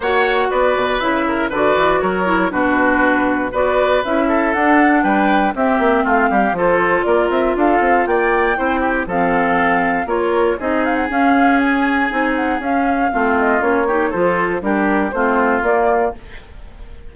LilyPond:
<<
  \new Staff \with { instrumentName = "flute" } { \time 4/4 \tempo 4 = 119 fis''4 d''4 e''4 d''4 | cis''4 b'2 d''4 | e''4 fis''4 g''4 e''4 | f''4 c''4 d''8 e''8 f''4 |
g''2 f''2 | cis''4 dis''8 f''16 fis''16 f''4 gis''4~ | gis''8 fis''8 f''4. dis''8 cis''4 | c''4 ais'4 c''4 d''4 | }
  \new Staff \with { instrumentName = "oboe" } { \time 4/4 cis''4 b'4. ais'8 b'4 | ais'4 fis'2 b'4~ | b'8 a'4. b'4 g'4 | f'8 g'8 a'4 ais'4 a'4 |
d''4 c''8 g'8 a'2 | ais'4 gis'2.~ | gis'2 f'4. g'8 | a'4 g'4 f'2 | }
  \new Staff \with { instrumentName = "clarinet" } { \time 4/4 fis'2 e'4 fis'4~ | fis'8 e'8 d'2 fis'4 | e'4 d'2 c'4~ | c'4 f'2.~ |
f'4 e'4 c'2 | f'4 dis'4 cis'2 | dis'4 cis'4 c'4 cis'8 dis'8 | f'4 d'4 c'4 ais4 | }
  \new Staff \with { instrumentName = "bassoon" } { \time 4/4 ais4 b8 b,8 cis4 d8 e8 | fis4 b,2 b4 | cis'4 d'4 g4 c'8 ais8 | a8 g8 f4 ais8 c'8 d'8 c'8 |
ais4 c'4 f2 | ais4 c'4 cis'2 | c'4 cis'4 a4 ais4 | f4 g4 a4 ais4 | }
>>